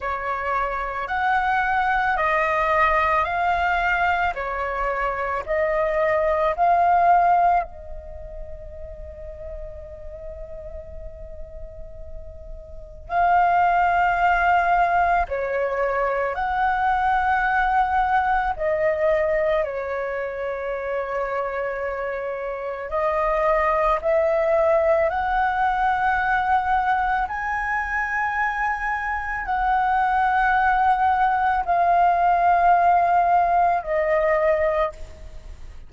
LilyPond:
\new Staff \with { instrumentName = "flute" } { \time 4/4 \tempo 4 = 55 cis''4 fis''4 dis''4 f''4 | cis''4 dis''4 f''4 dis''4~ | dis''1 | f''2 cis''4 fis''4~ |
fis''4 dis''4 cis''2~ | cis''4 dis''4 e''4 fis''4~ | fis''4 gis''2 fis''4~ | fis''4 f''2 dis''4 | }